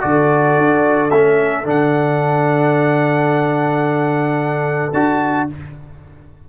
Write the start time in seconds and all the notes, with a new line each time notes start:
0.00 D3 F#4 A4 D5
0.57 D4
1.10 A3 C#4 E5
1.64 D3 D4 F#5
4.93 D4 F#4 A5